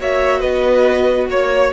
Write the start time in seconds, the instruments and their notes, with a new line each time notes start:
0.00 cello A#3, viola F#4, violin C#5 E5
0.40 cello B3, violin B4 D#5
1.28 cello A#3, violin C#5